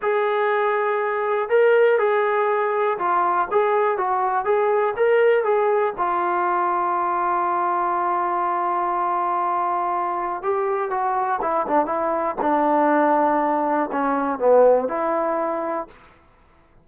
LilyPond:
\new Staff \with { instrumentName = "trombone" } { \time 4/4 \tempo 4 = 121 gis'2. ais'4 | gis'2 f'4 gis'4 | fis'4 gis'4 ais'4 gis'4 | f'1~ |
f'1~ | f'4 g'4 fis'4 e'8 d'8 | e'4 d'2. | cis'4 b4 e'2 | }